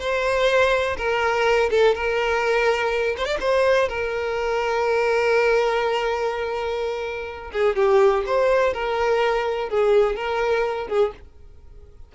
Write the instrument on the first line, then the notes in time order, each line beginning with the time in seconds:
violin
0.00 C5
0.97 A#4
1.71 A4
1.95 A#4
3.18 C5
3.26 D5
3.40 C5
3.89 A#4
7.52 G#4
7.76 G4
8.26 C5
8.74 A#4
9.70 G#4
10.16 A#4
10.88 G#4